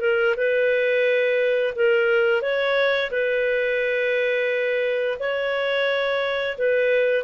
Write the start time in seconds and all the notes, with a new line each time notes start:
0.00 A#4
0.36 B4
1.75 A#4
2.41 C#5
3.11 B4
5.19 C#5
6.58 B4